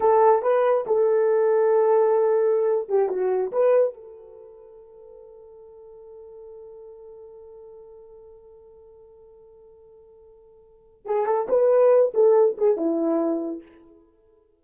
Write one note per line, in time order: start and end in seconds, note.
0.00 0.42 A4
0.42 0.85 B4
0.86 2.88 A4
2.88 3.09 G4
3.09 3.51 F#4
3.51 3.93 B4
3.93 11.05 A4
11.05 11.26 G#4
11.26 11.47 A4
11.49 12.12 B4
12.14 12.56 A4
12.57 12.76 G#4
12.76 13.62 E4